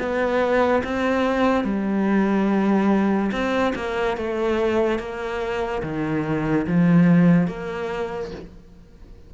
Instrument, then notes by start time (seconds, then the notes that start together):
cello
0.00 B3
0.84 C4
1.65 G3
3.32 C4
3.76 A#3
4.18 A3
4.99 A#3
5.83 D#3
6.68 F3
7.48 A#3